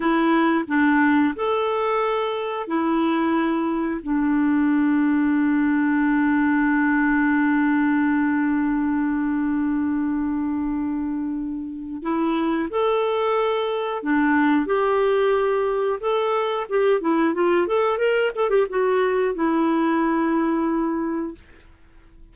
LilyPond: \new Staff \with { instrumentName = "clarinet" } { \time 4/4 \tempo 4 = 90 e'4 d'4 a'2 | e'2 d'2~ | d'1~ | d'1~ |
d'2 e'4 a'4~ | a'4 d'4 g'2 | a'4 g'8 e'8 f'8 a'8 ais'8 a'16 g'16 | fis'4 e'2. | }